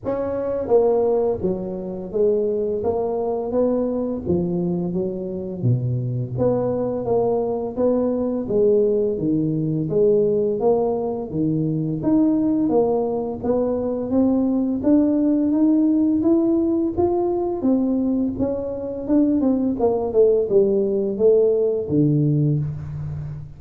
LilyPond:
\new Staff \with { instrumentName = "tuba" } { \time 4/4 \tempo 4 = 85 cis'4 ais4 fis4 gis4 | ais4 b4 f4 fis4 | b,4 b4 ais4 b4 | gis4 dis4 gis4 ais4 |
dis4 dis'4 ais4 b4 | c'4 d'4 dis'4 e'4 | f'4 c'4 cis'4 d'8 c'8 | ais8 a8 g4 a4 d4 | }